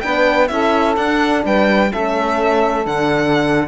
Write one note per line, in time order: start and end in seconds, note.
0.00 0.50 B3
0.00 0.48 D4
0.00 0.50 B4
0.00 0.47 G5
0.47 0.96 C#4
0.47 0.96 E4
0.47 1.44 A4
0.47 0.95 E5
0.96 1.44 D4
0.96 1.92 D4
0.96 1.44 F#5
1.44 1.92 G3
1.44 1.90 B4
1.44 1.92 G5
1.90 2.86 A3
1.90 2.85 C#4
1.90 3.68 A4
1.90 2.86 E5
2.85 3.68 D3
2.85 3.68 D4
2.85 3.68 F#5